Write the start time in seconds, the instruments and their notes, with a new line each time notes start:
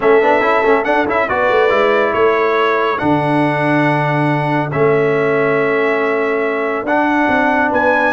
0.00 tuba A3, trombone C#4, horn A4, trumpet E5
0.22 tuba B3, trombone D4
0.41 tuba C#4, trombone E4
0.63 tuba A3, trombone C#4
0.84 trombone D4, tuba D4, trumpet F#5
1.06 tuba C#4, trombone E4, trumpet E5
1.28 tuba B3, trombone F#4, horn B4, trumpet D5
1.50 tuba A3
1.69 tuba G#3, trombone E4
2.13 tuba A3, horn A4, trumpet C#5
2.98 tuba D3, trombone D4, trumpet F#5
4.71 tuba A3, trombone C#4, trumpet E5
6.83 tuba D4, trombone D4, trumpet F#5
7.28 tuba C4
7.69 tuba B3, horn B4, trumpet G#5